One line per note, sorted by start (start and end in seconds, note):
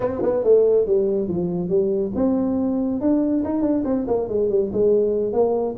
0.00 0.21 C4
0.22 0.43 B3
0.43 0.86 A3
0.86 1.27 G3
1.27 1.69 F3
1.69 2.12 G3
2.15 3.01 C4
3.01 3.43 D4
3.44 3.62 D#4
3.62 3.83 D4
3.84 4.06 C4
4.07 4.28 A#3
4.28 4.49 G#3
4.49 4.71 G3
4.72 5.32 G#3
5.32 5.75 A#3